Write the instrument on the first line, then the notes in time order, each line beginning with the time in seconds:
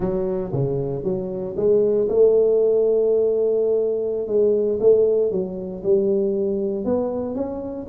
tuba
0.00 F#3
0.52 C#3
1.03 F#3
1.56 G#3
2.09 A3
4.27 G#3
4.79 A3
5.31 F#3
5.83 G3
6.84 B3
7.35 C#4